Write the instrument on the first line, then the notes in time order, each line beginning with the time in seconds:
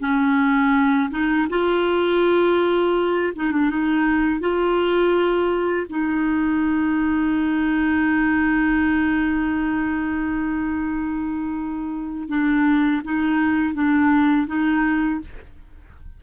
clarinet
0.00 C#4
1.10 D#4
1.50 F4
3.36 D#4
3.52 D4
3.70 D#4
4.40 F4
5.89 D#4
12.29 D4
13.04 D#4
13.74 D4
14.47 D#4